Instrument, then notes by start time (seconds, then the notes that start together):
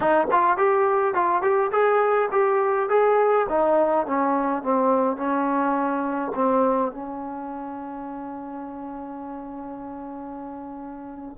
trombone
0.00 D#4
0.31 F4
0.57 G4
1.14 F4
1.42 G4
1.71 G#4
2.31 G4
2.89 G#4
3.49 D#4
4.06 C#4
4.62 C4
5.16 C#4
6.34 C4
6.91 C#4